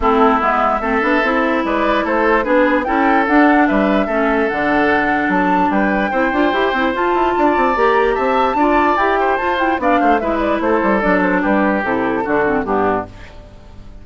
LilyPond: <<
  \new Staff \with { instrumentName = "flute" } { \time 4/4 \tempo 4 = 147 a'4 e''2. | d''4 c''4 b'4 g''4 | fis''4 e''2 fis''4~ | fis''4 a''4 g''2~ |
g''4 a''2 ais''4 | a''2 g''4 a''8 g''8 | f''4 e''8 d''8 c''4 d''8 c''8 | b'4 a'2 g'4 | }
  \new Staff \with { instrumentName = "oboe" } { \time 4/4 e'2 a'2 | b'4 a'4 gis'4 a'4~ | a'4 b'4 a'2~ | a'2 b'4 c''4~ |
c''2 d''2 | e''4 d''4. c''4. | d''8 c''8 b'4 a'2 | g'2 fis'4 d'4 | }
  \new Staff \with { instrumentName = "clarinet" } { \time 4/4 c'4 b4 c'8 d'8 e'4~ | e'2 d'4 e'4 | d'2 cis'4 d'4~ | d'2. e'8 f'8 |
g'8 e'8 f'2 g'4~ | g'4 f'4 g'4 f'8 e'8 | d'4 e'2 d'4~ | d'4 e'4 d'8 c'8 b4 | }
  \new Staff \with { instrumentName = "bassoon" } { \time 4/4 a4 gis4 a8 b8 c'4 | gis4 a4 b4 cis'4 | d'4 g4 a4 d4~ | d4 fis4 g4 c'8 d'8 |
e'8 c'8 f'8 e'8 d'8 c'8 ais4 | c'4 d'4 e'4 f'4 | b8 a8 gis4 a8 g8 fis4 | g4 c4 d4 g,4 | }
>>